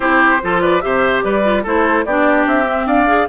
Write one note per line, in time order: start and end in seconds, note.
0.00 0.41 C4
0.00 0.40 E4
0.00 0.41 G4
0.00 0.61 C5
0.42 0.83 F3
0.42 0.81 F4
0.42 0.61 A4
0.61 0.82 B4
0.61 0.81 D5
0.81 1.23 C3
0.81 1.43 G4
0.81 1.24 C5
0.81 1.22 E5
1.23 1.64 G3
1.23 1.63 B4
1.23 1.64 D5
1.43 1.64 F4
1.63 2.05 A3
1.63 2.06 E4
1.63 2.04 A4
1.63 2.05 C5
2.05 2.46 B3
2.05 2.65 D4
2.05 2.86 G4
2.05 2.46 D5
2.46 2.86 C4
2.46 2.87 E5
2.65 3.06 C4
2.86 3.27 D4
2.86 3.28 D5
2.86 3.28 F5
3.06 3.27 G#4